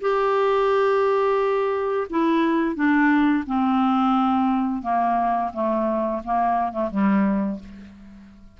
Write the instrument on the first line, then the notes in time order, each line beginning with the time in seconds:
clarinet
0.00 G4
2.09 E4
2.75 D4
3.46 C4
4.82 A#3
5.53 A3
6.24 A#3
6.72 A3
6.90 G3